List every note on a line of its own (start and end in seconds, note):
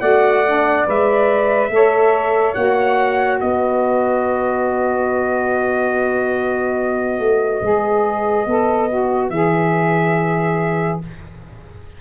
0.00 0.85 A3
0.00 0.44 F#4
0.00 1.69 D5
0.00 0.85 F#5
0.45 0.86 D4
0.86 1.69 G#3
0.86 1.70 B4
0.86 2.54 E5
1.69 2.54 A3
1.69 2.55 A4
1.69 3.39 C#5
2.54 3.40 A#3
2.54 7.62 F#4
2.54 3.38 F#5
3.39 7.19 B3
3.39 11.00 B4
3.39 9.29 D#5
7.19 7.61 A3
7.61 8.46 G#3
7.61 8.46 G#4
8.46 9.30 B3
8.46 8.89 A4
8.89 9.31 F#4
9.29 10.99 E3
9.29 11.01 G#4
9.29 10.98 E5